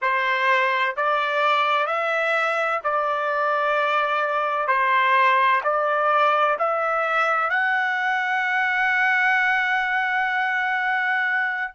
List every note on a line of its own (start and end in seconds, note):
0.01 0.95 C5
0.96 1.86 D5
1.86 2.80 E5
2.83 4.67 D5
4.67 5.61 C5
5.63 6.57 D5
6.58 7.50 E5
7.50 11.71 F#5